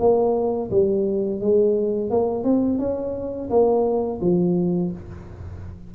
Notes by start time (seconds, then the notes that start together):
0.00 A#3
0.71 G3
1.41 G#3
2.10 A#3
2.44 C4
2.79 C#4
3.50 A#3
4.22 F3